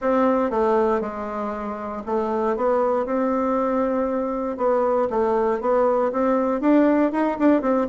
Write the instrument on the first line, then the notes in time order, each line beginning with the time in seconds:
bassoon
0.01 C4
0.50 A3
1.01 G#3
2.05 A3
2.56 B3
3.05 C4
4.57 B3
5.10 A3
5.60 B3
6.12 C4
6.61 D4
7.12 D#4
7.38 D4
7.61 C4